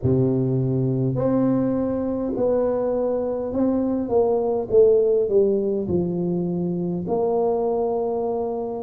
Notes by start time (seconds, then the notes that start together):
0.02 C3
1.15 C4
2.36 B3
3.52 C4
4.09 A#3
4.70 A3
5.28 G3
5.88 F3
7.07 A#3